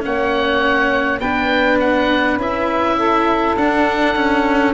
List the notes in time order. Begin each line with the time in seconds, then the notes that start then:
0.00 A#3 C#4 C#5 F#5
1.19 B3 D4 B4 G5
1.79 F#5
2.36 C#4 E4 E5
2.98 A4
3.55 D4 F#5
4.15 C#4